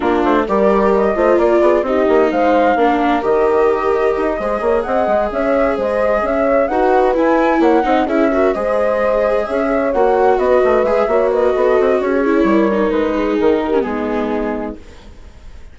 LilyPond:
<<
  \new Staff \with { instrumentName = "flute" } { \time 4/4 \tempo 4 = 130 ais'8 c''8 d''4 dis''4 d''4 | dis''4 f''2 dis''4~ | dis''2~ dis''8 fis''4 e''8~ | e''8 dis''4 e''4 fis''4 gis''8~ |
gis''8 fis''4 e''4 dis''4.~ | dis''8 e''4 fis''4 dis''4 e''8~ | e''8 dis''4. cis''2 | b'4 ais'4 gis'2 | }
  \new Staff \with { instrumentName = "horn" } { \time 4/4 f'4 ais'4. c''8 ais'8 gis'8 | g'4 c''4 ais'2~ | ais'4. c''8 cis''8 dis''4 cis''8~ | cis''8 c''4 cis''4 b'4.~ |
b'8 cis''8 dis''8 gis'8 ais'8 c''4.~ | c''8 cis''2 b'4. | cis''8 b'8 a'4 gis'4 ais'4~ | ais'8 gis'4 g'8 dis'2 | }
  \new Staff \with { instrumentName = "viola" } { \time 4/4 d'4 g'4. f'4. | dis'2 d'4 g'4~ | g'4. gis'2~ gis'8~ | gis'2~ gis'8 fis'4 e'8~ |
e'4 dis'8 e'8 fis'8 gis'4.~ | gis'4. fis'2 gis'8 | fis'2~ fis'8 e'4 dis'8~ | dis'4.~ dis'16 cis'16 b2 | }
  \new Staff \with { instrumentName = "bassoon" } { \time 4/4 ais8 a8 g4. a8 ais8 b8 | c'8 ais8 gis4 ais4 dis4~ | dis4 dis'8 gis8 ais8 c'8 gis8 cis'8~ | cis'8 gis4 cis'4 dis'4 e'8~ |
e'8 ais8 c'8 cis'4 gis4.~ | gis8 cis'4 ais4 b8 a8 gis8 | ais4 b8 c'8 cis'4 g4 | gis4 dis4 gis2 | }
>>